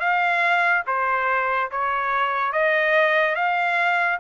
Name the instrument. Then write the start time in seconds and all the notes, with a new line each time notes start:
trumpet
0.00 F5
0.87 C5
1.71 C#5
2.53 D#5
3.35 F5